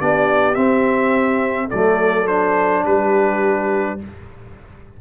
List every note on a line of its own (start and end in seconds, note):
0.00 0.57 B3
0.00 0.55 D4
0.00 1.68 G4
0.00 0.55 D5
0.55 1.69 C4
0.55 1.72 C4
0.55 1.69 E5
1.68 2.86 F#3
1.68 2.28 A3
1.68 2.83 A4
1.68 2.27 D5
2.27 3.99 D4
2.27 2.84 C5
2.85 4.01 G3
2.85 3.99 G4
2.85 4.00 B4